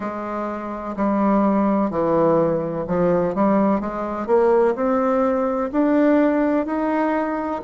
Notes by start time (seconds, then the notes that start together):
0.00 G#3
0.96 G3
1.90 E3
2.87 F3
3.35 G3
3.80 G#3
4.26 A#3
4.75 C4
5.71 D4
6.66 D#4